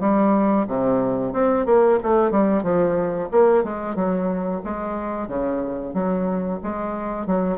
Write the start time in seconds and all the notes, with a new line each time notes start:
0.00 G3
0.67 C3
1.32 C4
1.65 A#3
2.03 A3
2.31 G3
2.63 F3
3.31 A#3
3.64 G#3
3.95 F#3
4.64 G#3
5.27 C#3
5.93 F#3
6.63 G#3
7.26 F#3